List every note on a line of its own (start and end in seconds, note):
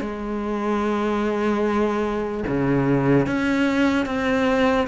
0.00 2.43 G#3
2.47 3.26 C#3
3.26 4.06 C#4
4.06 4.87 C4